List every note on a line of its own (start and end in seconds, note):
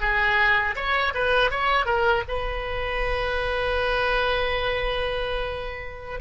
0.00 0.75 G#4
0.75 1.13 C#5
1.14 1.50 B4
1.50 1.85 C#5
1.85 2.23 A#4
2.28 6.20 B4